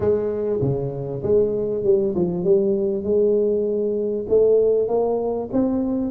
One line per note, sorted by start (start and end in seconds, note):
0.00 0.59 G#3
0.61 1.22 C#3
1.22 1.84 G#3
1.84 2.14 G3
2.15 2.44 F3
2.44 3.03 G3
3.03 4.26 G#3
4.29 4.88 A3
4.88 5.49 A#3
5.52 6.11 C4